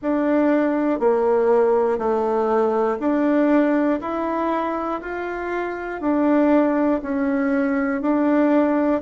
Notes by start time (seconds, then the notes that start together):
0.01 D4
1.00 A#3
1.98 A3
2.99 D4
4.00 E4
5.00 F4
6.00 D4
7.02 C#4
8.01 D4